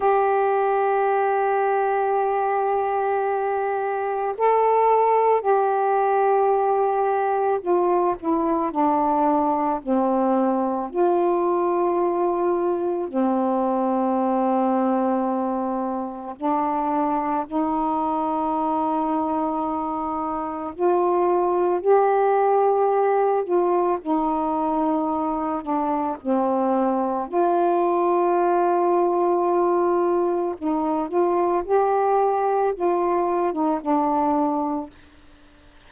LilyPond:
\new Staff \with { instrumentName = "saxophone" } { \time 4/4 \tempo 4 = 55 g'1 | a'4 g'2 f'8 e'8 | d'4 c'4 f'2 | c'2. d'4 |
dis'2. f'4 | g'4. f'8 dis'4. d'8 | c'4 f'2. | dis'8 f'8 g'4 f'8. dis'16 d'4 | }